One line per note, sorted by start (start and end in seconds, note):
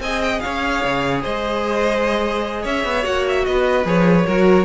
0.00 0.41 C4
0.00 3.03 G#4
0.00 0.43 D#5
0.00 0.22 G#5
0.22 0.40 G5
0.40 0.85 C#4
0.40 1.22 C#5
0.40 1.21 F5
0.85 1.25 C#3
1.22 2.65 G#3
1.22 2.63 C5
1.22 2.66 D#5
2.63 2.85 C#4
2.63 3.44 C#5
2.63 3.05 E5
2.85 3.05 B3
3.03 3.47 A#3
3.03 3.84 F#4
3.03 3.26 F#5
3.29 3.46 E5
3.46 3.85 B3
3.46 4.26 B4
3.46 3.86 D#5
3.85 4.26 F3
3.85 4.26 G#4
3.85 4.65 C#5
4.26 4.65 F#3
4.26 4.65 F#4
4.26 4.65 A#4